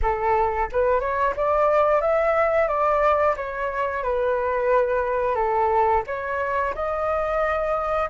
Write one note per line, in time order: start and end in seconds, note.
0.02 0.69 A4
0.71 1.00 B4
1.00 1.33 C#5
1.36 2.01 D5
2.01 2.68 E5
2.68 3.35 D5
3.36 4.03 C#5
4.03 5.35 B4
5.35 6.02 A4
6.06 6.74 C#5
6.74 8.09 D#5